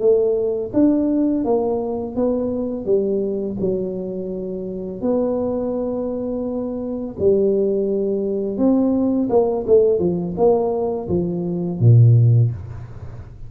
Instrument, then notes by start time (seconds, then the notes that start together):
tuba
0.00 A3
0.74 D4
1.45 A#3
2.16 B3
2.86 G3
3.61 F#3
5.02 B3
7.19 G3
8.58 C4
9.30 A#3
9.68 A3
10.00 F3
10.37 A#3
11.09 F3
11.80 A#2